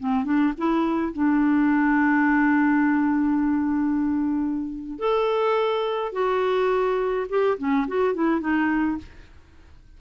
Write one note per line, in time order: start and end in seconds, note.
0.00 0.25 C4
0.25 0.54 D4
0.58 1.13 E4
1.13 4.99 D4
4.99 6.13 A4
6.13 7.27 F#4
7.29 7.58 G4
7.58 7.87 C#4
7.88 8.15 F#4
8.15 8.41 E4
8.41 8.98 D#4